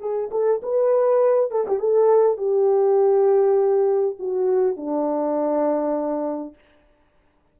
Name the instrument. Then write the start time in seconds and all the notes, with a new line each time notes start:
horn
0.00 G#4
0.31 A4
0.63 B4
1.51 A4
1.68 G4
1.80 A4
2.38 G4
4.19 F#4
4.77 D4